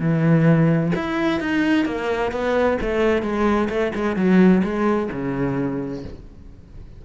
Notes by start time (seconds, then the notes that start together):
0.00 E3
0.96 E4
1.40 D#4
1.85 A#3
2.32 B3
2.82 A3
3.22 G#3
3.69 A3
3.95 G#3
4.16 F#3
4.63 G#3
5.12 C#3